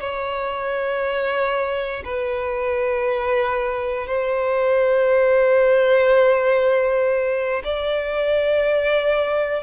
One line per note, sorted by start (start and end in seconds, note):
0.00 2.03 C#5
2.05 4.07 B4
4.07 7.63 C5
7.64 9.63 D5